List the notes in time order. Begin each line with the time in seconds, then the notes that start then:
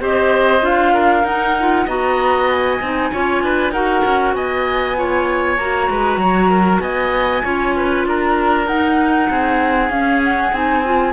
0.00 C4 G4 C5 D#5
0.61 D4 F4 F5
0.94 A#4
1.24 D#4 F#5
1.60 F4
1.86 B3 F#4 D#5 A#5
2.50 G#5
2.81 C4 D#4
3.13 C#4 F4 C#5
3.43 D4 B4
3.71 D#4 F#4 A#4 F#5
4.05 C#4
4.34 B3 D#5 G#5
4.96 F4 C#5
5.58 A#3 F#4 A#5
5.90 G#3 B4
6.17 F#3 C#5
6.50 A#4
6.80 B3 D#5 G#5
7.43 C#4 F4 C#5
7.76 B4
8.05 D4 A#4 A#5
8.67 D#4 F#5
9.30 C4 G#4
9.90 C#4 F5
10.24 F#5
10.52 C4 D#4 G#5
10.85 F4